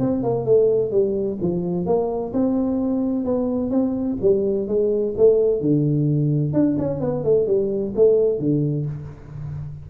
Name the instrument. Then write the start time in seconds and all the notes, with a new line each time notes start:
tuba
0.00 C4
0.23 A#3
0.46 A3
0.91 G3
1.41 F3
1.86 A#3
2.34 C4
3.25 B3
3.71 C4
4.21 G3
4.68 G#3
5.18 A3
5.61 D3
6.53 D4
6.79 C#4
7.01 B3
7.24 A3
7.47 G3
7.96 A3
8.39 D3